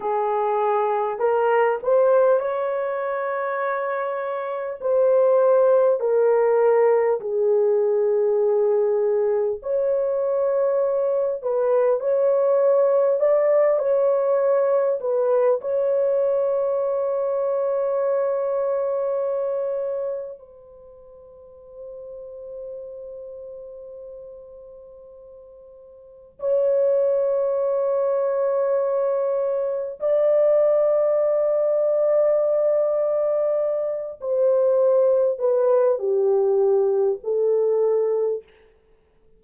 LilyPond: \new Staff \with { instrumentName = "horn" } { \time 4/4 \tempo 4 = 50 gis'4 ais'8 c''8 cis''2 | c''4 ais'4 gis'2 | cis''4. b'8 cis''4 d''8 cis''8~ | cis''8 b'8 cis''2.~ |
cis''4 c''2.~ | c''2 cis''2~ | cis''4 d''2.~ | d''8 c''4 b'8 g'4 a'4 | }